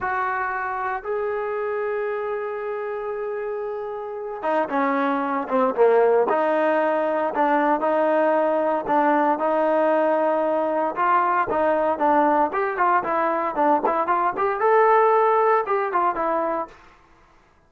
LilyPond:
\new Staff \with { instrumentName = "trombone" } { \time 4/4 \tempo 4 = 115 fis'2 gis'2~ | gis'1~ | gis'8 dis'8 cis'4. c'8 ais4 | dis'2 d'4 dis'4~ |
dis'4 d'4 dis'2~ | dis'4 f'4 dis'4 d'4 | g'8 f'8 e'4 d'8 e'8 f'8 g'8 | a'2 g'8 f'8 e'4 | }